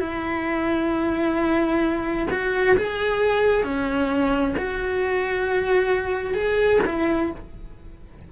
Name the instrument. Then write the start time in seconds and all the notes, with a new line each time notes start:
cello
0.00 E4
2.31 F#4
2.77 G#4
3.64 C#4
4.58 F#4
6.34 G#4
6.86 E4